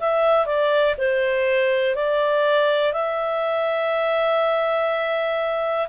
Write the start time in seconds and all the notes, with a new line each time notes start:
0.00 E5
0.46 D5
0.98 C5
1.96 D5
2.93 E5